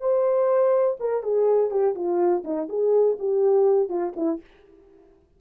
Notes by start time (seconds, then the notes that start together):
0.00 C5
0.99 A#4
1.23 G#4
1.70 G4
1.95 F4
2.44 D#4
2.69 G#4
3.18 G4
3.89 F4
4.16 E4